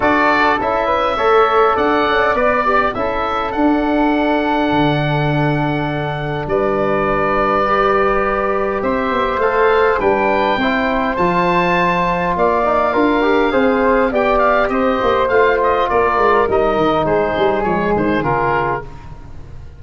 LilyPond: <<
  \new Staff \with { instrumentName = "oboe" } { \time 4/4 \tempo 4 = 102 d''4 e''2 fis''4 | d''4 e''4 fis''2~ | fis''2. d''4~ | d''2. e''4 |
f''4 g''2 a''4~ | a''4 f''2. | g''8 f''8 dis''4 f''8 dis''8 d''4 | dis''4 c''4 cis''8 c''8 ais'4 | }
  \new Staff \with { instrumentName = "flute" } { \time 4/4 a'4. b'8 cis''4 d''4~ | d''4 a'2.~ | a'2. b'4~ | b'2. c''4~ |
c''4 b'4 c''2~ | c''4 d''4 ais'4 c''4 | d''4 c''2 ais'4~ | ais'4 gis'2. | }
  \new Staff \with { instrumentName = "trombone" } { \time 4/4 fis'4 e'4 a'2 | b'8 g'8 e'4 d'2~ | d'1~ | d'4 g'2. |
a'4 d'4 e'4 f'4~ | f'4. dis'8 f'8 g'8 gis'4 | g'2 f'2 | dis'2 gis4 f'4 | }
  \new Staff \with { instrumentName = "tuba" } { \time 4/4 d'4 cis'4 a4 d'8 cis'8 | b4 cis'4 d'2 | d2. g4~ | g2. c'8 b8 |
a4 g4 c'4 f4~ | f4 ais4 d'4 c'4 | b4 c'8 ais8 a4 ais8 gis8 | g8 dis8 gis8 g8 f8 dis8 cis4 | }
>>